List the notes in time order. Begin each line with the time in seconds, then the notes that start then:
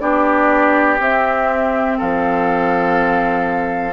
0.00 B3 D4 G4 D5
1.00 C4 E5
1.98 F3 A4 F5